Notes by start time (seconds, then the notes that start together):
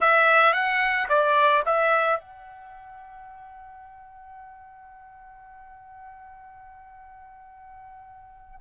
0.00 E5
0.53 F#5
1.08 D5
1.65 E5
2.20 F#5